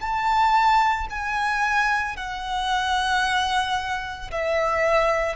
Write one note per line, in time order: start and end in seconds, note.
0.00 1.07 A5
1.10 2.16 G#5
2.16 4.31 F#5
4.31 5.36 E5